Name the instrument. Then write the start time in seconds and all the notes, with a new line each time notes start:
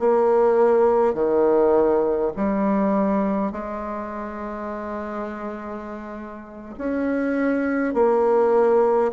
bassoon
0.00 A#3
1.14 D#3
2.37 G3
3.52 G#3
6.78 C#4
7.95 A#3